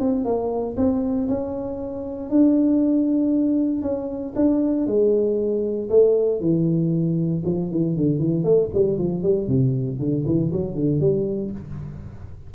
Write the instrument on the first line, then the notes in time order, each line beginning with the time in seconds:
tuba
0.00 C4
0.25 A#3
0.77 C4
1.29 C#4
2.30 D4
3.83 C#4
4.36 D4
4.87 G#3
5.90 A3
6.41 E3
7.46 F3
7.71 E3
7.97 D3
8.19 E3
8.45 A3
8.74 G3
8.99 F3
9.23 G3
9.48 C3
9.99 D3
10.26 E3
10.53 F#3
10.75 D3
11.00 G3